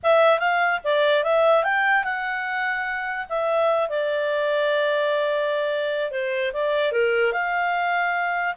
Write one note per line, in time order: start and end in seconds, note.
0.03 0.39 E5
0.39 0.80 F5
0.84 1.23 D5
1.23 1.63 E5
1.63 2.04 G5
2.04 3.26 F#5
3.29 3.89 E5
3.89 6.11 D5
6.11 6.52 C5
6.53 6.91 D5
6.91 7.32 A#4
7.32 8.54 F5